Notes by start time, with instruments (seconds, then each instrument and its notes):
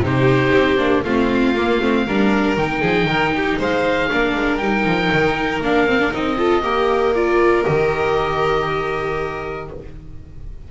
0.00 double bass C3, viola D#4, violin G4, oboe C5
0.53 double bass C4
0.77 double bass A#3, viola D4
1.03 double bass A3, viola C4, violin F4, oboe F5
1.53 double bass A#3, viola A#3
1.80 double bass A3, viola C4
2.06 double bass G3, viola D4, violin A#4
2.56 double bass D#3, viola D#4, oboe G5
2.81 double bass F3, violin G#4
3.05 double bass D#3, violin A#4
3.35 violin G4
3.58 double bass G#3, violin C5, oboe F5
4.10 double bass A#3, viola D4, violin A#4
4.34 double bass G#3
4.57 double bass G3, viola D#4, oboe G5
4.85 double bass F3
5.12 double bass D#3
5.60 double bass A#3, viola D4, oboe F5
5.87 viola C4
5.99 viola D4
6.10 double bass C4, viola D#4, oboe D#5
6.37 viola F4, violin A4
6.62 double bass A#3, viola G4, violin A#4
7.15 viola F4, oboe D5
7.64 double bass D#3, viola G4, oboe D#5